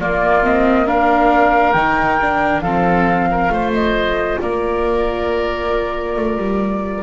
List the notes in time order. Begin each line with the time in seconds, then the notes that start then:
0.00 A#3 F4 D5
0.44 C4 D#5
0.86 D4 A#4 F5
1.72 D#3 D#4 G5
2.21 D4
2.61 F3 C4 A4 F5
3.31 A#4
3.49 A3 F4 C5
3.73 D#5
4.41 A#3 A#4 D5
6.16 A3
6.37 G3